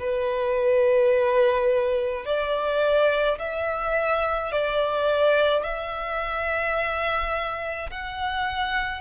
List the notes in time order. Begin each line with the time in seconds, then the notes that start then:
0.00 B4
2.25 D5
3.39 E5
4.52 D5
5.64 E5
7.91 F#5